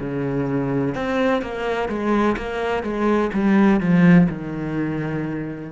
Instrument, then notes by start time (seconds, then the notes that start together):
cello
0.00 C#3
0.95 C4
1.42 A#3
1.89 G#3
2.37 A#3
2.83 G#3
3.33 G3
3.80 F3
4.29 D#3